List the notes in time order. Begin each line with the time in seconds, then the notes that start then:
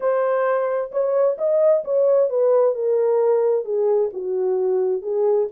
0.00 C5
0.91 C#5
1.38 D#5
1.84 C#5
2.29 B4
2.74 A#4
3.64 G#4
4.13 F#4
5.02 G#4